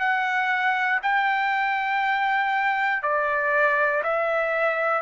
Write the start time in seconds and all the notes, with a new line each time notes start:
0.00 F#5
1.03 G5
3.03 D5
4.04 E5